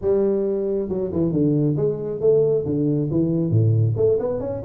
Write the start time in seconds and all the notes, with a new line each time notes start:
0.01 G3
0.88 F#3
1.12 E3
1.31 D3
1.76 G#3
2.20 A3
2.65 D3
3.10 E3
3.50 A2
3.96 A3
4.19 B3
4.40 C#4